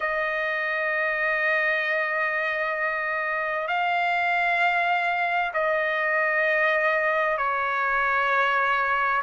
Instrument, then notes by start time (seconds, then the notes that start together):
trumpet
0.00 D#5
3.67 F5
5.53 D#5
7.37 C#5